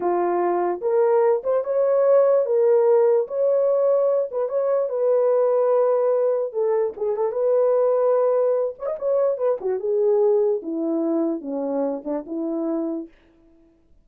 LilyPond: \new Staff \with { instrumentName = "horn" } { \time 4/4 \tempo 4 = 147 f'2 ais'4. c''8 | cis''2 ais'2 | cis''2~ cis''8 b'8 cis''4 | b'1 |
a'4 gis'8 a'8 b'2~ | b'4. cis''16 dis''16 cis''4 b'8 fis'8 | gis'2 e'2 | cis'4. d'8 e'2 | }